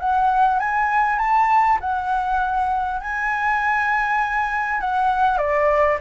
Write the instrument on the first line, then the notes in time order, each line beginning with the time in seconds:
flute
0.00 F#5
0.60 G#5
1.19 A5
1.81 F#5
3.01 G#5
4.81 F#5
5.38 D5